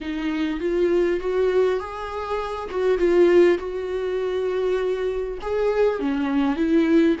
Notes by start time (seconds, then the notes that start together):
0.00 D#4
0.60 F4
1.19 F#4
1.79 G#4
2.70 F#4
2.98 F4
3.58 F#4
5.41 G#4
5.99 C#4
6.56 E4